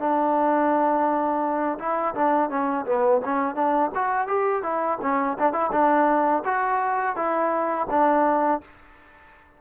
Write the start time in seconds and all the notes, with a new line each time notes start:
0.00 D4
1.79 E4
2.15 D4
2.50 C#4
2.86 B3
3.25 C#4
3.56 D4
3.95 F#4
4.28 G4
4.63 E4
5.02 C#4
5.39 D4
5.53 E4
5.72 D4
6.45 F#4
7.16 E4
7.90 D4